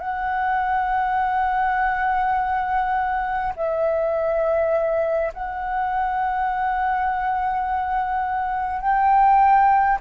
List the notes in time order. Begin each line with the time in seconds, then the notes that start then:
0.00 F#5
3.56 E5
5.34 F#5
8.81 G5